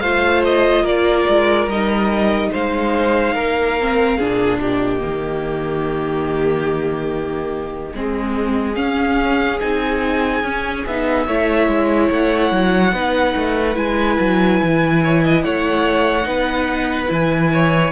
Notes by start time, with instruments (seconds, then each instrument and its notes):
0.00 cello A3, viola F4, violin C5 F5
0.45 violin D#5
0.83 cello A#3, violin A#4 D5
1.29 cello G#3
1.67 cello G3, viola D#4, violin D#5
2.51 cello G#3, violin C5 F5
3.34 cello A#3, violin A#4
3.80 viola C4
4.18 cello A#2, viola D4, violin G#4
4.59 violin G4 D#5
5.00 cello D#3, viola A#3
7.93 cello G#3, viola C4, violin G#4
8.75 viola C#4, cello C#4, violin F5
9.60 cello C4, viola D#4, violin G#5
10.43 cello C#4, viola C#4
10.86 cello B3, viola D#4, violin E5
11.27 cello A3, viola E4, violin C#5
11.68 cello G#3
12.10 cello A3, violin F#5
12.52 cello F#3
12.92 cello B3, viola D#4, violin B4
13.35 cello A3
13.74 cello G#3, viola E4, violin G#5
14.19 cello F#3
14.62 cello E3
15.04 violin C#5
15.23 violin D#5
15.43 cello A3, violin C#5 F#5
16.23 cello B3, viola D#4, violin B4
17.07 cello E3, viola E4, violin G#5
17.52 violin C#5